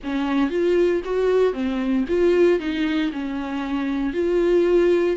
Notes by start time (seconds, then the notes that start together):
0.03 C#4
0.50 F4
1.04 F#4
1.53 C4
2.08 F4
2.59 D#4
3.12 C#4
4.13 F4